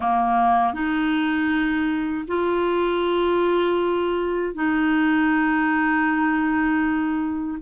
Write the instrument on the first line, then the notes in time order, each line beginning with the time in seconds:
clarinet
0.00 A#3
0.73 D#4
2.28 F4
4.54 D#4